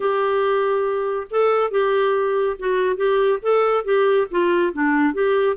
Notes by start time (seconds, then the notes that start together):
0.00 G4
1.30 A4
1.70 G4
2.59 F#4
2.96 G4
3.42 A4
3.84 G4
4.31 F4
4.73 D4
5.13 G4